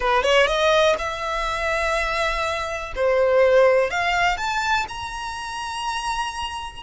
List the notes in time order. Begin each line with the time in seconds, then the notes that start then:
0.00 B4
0.23 C#5
0.47 D#5
0.98 E5
2.95 C5
3.90 F5
4.37 A5
4.88 A#5